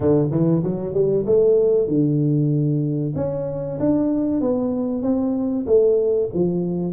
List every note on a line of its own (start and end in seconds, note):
0.00 0.30 D3
0.31 0.62 E3
0.63 0.93 F#3
0.93 1.25 G3
1.25 1.87 A3
1.87 3.14 D3
3.15 3.78 C#4
3.79 4.40 D4
4.40 5.02 B3
5.02 5.65 C4
5.66 6.29 A3
6.34 6.92 F3